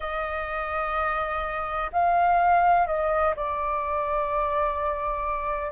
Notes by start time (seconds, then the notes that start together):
0.00 D#5
1.92 F5
2.86 D#5
3.36 D5